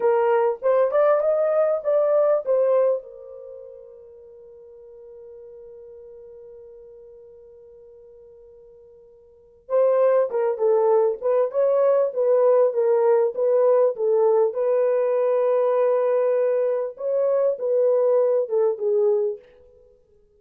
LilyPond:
\new Staff \with { instrumentName = "horn" } { \time 4/4 \tempo 4 = 99 ais'4 c''8 d''8 dis''4 d''4 | c''4 ais'2.~ | ais'1~ | ais'1 |
c''4 ais'8 a'4 b'8 cis''4 | b'4 ais'4 b'4 a'4 | b'1 | cis''4 b'4. a'8 gis'4 | }